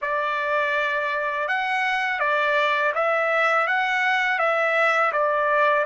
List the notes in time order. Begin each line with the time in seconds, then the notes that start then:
0.01 D5
1.48 F#5
2.19 D5
2.94 E5
3.67 F#5
4.39 E5
5.12 D5